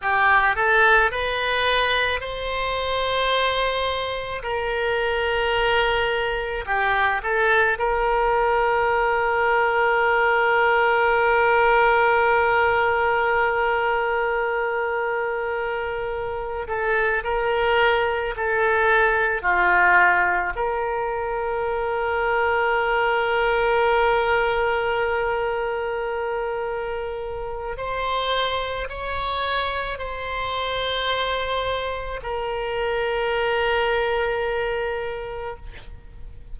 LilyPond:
\new Staff \with { instrumentName = "oboe" } { \time 4/4 \tempo 4 = 54 g'8 a'8 b'4 c''2 | ais'2 g'8 a'8 ais'4~ | ais'1~ | ais'2. a'8 ais'8~ |
ais'8 a'4 f'4 ais'4.~ | ais'1~ | ais'4 c''4 cis''4 c''4~ | c''4 ais'2. | }